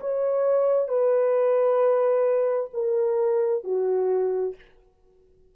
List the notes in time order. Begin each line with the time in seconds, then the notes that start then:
0.00 C#5
0.88 B4
2.73 A#4
3.64 F#4